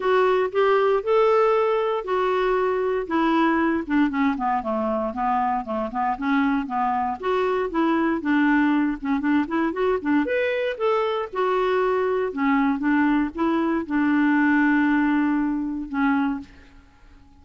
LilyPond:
\new Staff \with { instrumentName = "clarinet" } { \time 4/4 \tempo 4 = 117 fis'4 g'4 a'2 | fis'2 e'4. d'8 | cis'8 b8 a4 b4 a8 b8 | cis'4 b4 fis'4 e'4 |
d'4. cis'8 d'8 e'8 fis'8 d'8 | b'4 a'4 fis'2 | cis'4 d'4 e'4 d'4~ | d'2. cis'4 | }